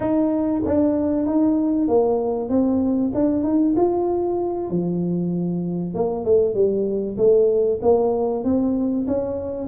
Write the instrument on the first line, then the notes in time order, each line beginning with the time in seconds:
tuba
0.00 D#4
0.65 D4
1.26 D#4
1.88 A#3
2.49 C4
3.14 D4
3.43 D#4
3.76 F4
4.70 F3
5.94 A#3
6.24 A3
6.54 G3
7.17 A3
7.82 A#3
8.44 C4
9.07 C#4